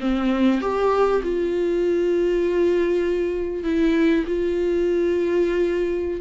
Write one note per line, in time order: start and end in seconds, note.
0.00 0.61 C4
0.61 1.21 G4
1.23 3.63 F4
3.63 4.24 E4
4.26 6.20 F4